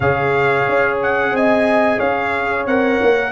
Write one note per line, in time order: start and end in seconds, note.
0.00 0.66 C#3
0.00 2.68 G#4
0.00 1.32 C#5
0.00 0.98 F5
0.68 1.31 C#4
1.02 1.35 F#5
1.31 1.98 C4
1.31 1.98 D#5
1.31 1.99 G#5
1.98 2.66 C#4
1.98 3.31 C#5
1.98 2.66 F5
2.66 2.99 C4
2.66 3.32 A#4
2.66 3.32 F#5
3.02 3.32 A#3